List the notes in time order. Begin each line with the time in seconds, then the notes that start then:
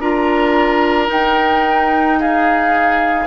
0.00 D4 F4 A#4 A#5
1.07 D#4 G5
2.20 G#4 F5